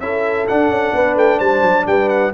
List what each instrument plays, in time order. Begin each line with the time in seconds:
0.00 tuba C#4, trombone E4, horn A4, trumpet E5
0.48 trombone D4, tuba D4, trumpet F#5
0.69 tuba C#4
0.94 tuba B3, horn B4
1.15 tuba A3, trumpet G5
1.39 tuba G3, horn C5, trumpet A5
1.62 tuba F#3
1.87 tuba G3, horn B4, trumpet G5
2.09 trumpet F#5